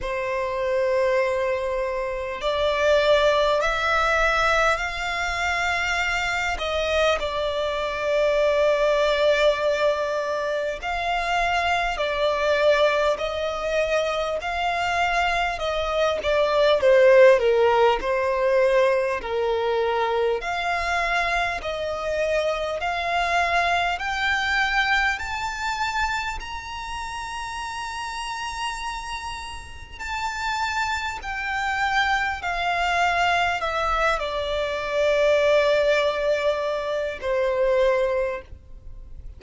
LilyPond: \new Staff \with { instrumentName = "violin" } { \time 4/4 \tempo 4 = 50 c''2 d''4 e''4 | f''4. dis''8 d''2~ | d''4 f''4 d''4 dis''4 | f''4 dis''8 d''8 c''8 ais'8 c''4 |
ais'4 f''4 dis''4 f''4 | g''4 a''4 ais''2~ | ais''4 a''4 g''4 f''4 | e''8 d''2~ d''8 c''4 | }